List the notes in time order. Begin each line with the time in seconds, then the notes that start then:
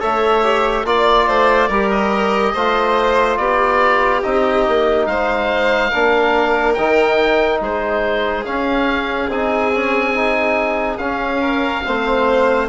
0.00 A3 A4 C#5 E5
0.44 G4
0.85 A#3 F4 D5
1.28 A3 C5
1.68 G3 G4 A#4
1.91 D#5
2.54 A3 F4 C5
3.37 B3 G4 D5
4.23 C4 D#4 D#5
4.68 A#3
5.07 G#3 C5 F5
5.90 A#3 D4 A#4
6.74 D#3 D#4 G5
7.61 G#3 G#4 C5
8.45 C#4 F5
9.29 C4 D#4 G#5
9.74 C#4
10.15 D#4
10.98 C#4 F5
11.41 A#4
11.87 A3 C4 C5